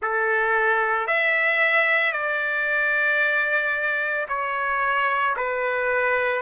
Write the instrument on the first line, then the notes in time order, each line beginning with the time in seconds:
trumpet
0.02 A4
1.07 E5
2.12 D5
4.28 C#5
5.36 B4